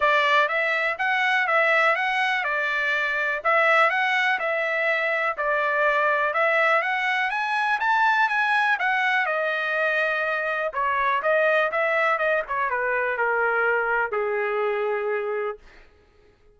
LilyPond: \new Staff \with { instrumentName = "trumpet" } { \time 4/4 \tempo 4 = 123 d''4 e''4 fis''4 e''4 | fis''4 d''2 e''4 | fis''4 e''2 d''4~ | d''4 e''4 fis''4 gis''4 |
a''4 gis''4 fis''4 dis''4~ | dis''2 cis''4 dis''4 | e''4 dis''8 cis''8 b'4 ais'4~ | ais'4 gis'2. | }